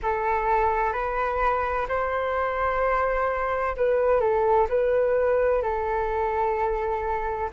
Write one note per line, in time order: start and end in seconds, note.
0.02 0.92 A4
0.92 1.86 B4
1.88 3.75 C5
3.76 4.20 B4
4.20 4.67 A4
4.69 5.62 B4
5.62 7.50 A4